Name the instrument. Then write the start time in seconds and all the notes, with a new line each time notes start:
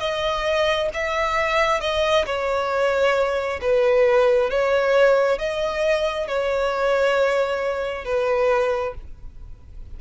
violin
0.00 D#5
0.94 E5
1.81 D#5
2.26 C#5
3.61 B4
4.50 C#5
5.39 D#5
6.28 C#5
8.05 B4